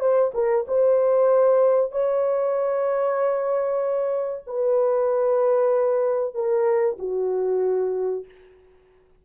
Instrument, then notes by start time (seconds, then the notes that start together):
horn
0.00 C5
0.34 A#4
0.68 C5
1.91 C#5
4.46 B4
6.34 A#4
6.99 F#4